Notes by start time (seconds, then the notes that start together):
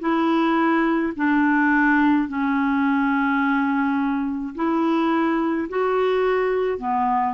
0.00 E4
1.16 D4
2.28 C#4
4.55 E4
5.69 F#4
6.78 B3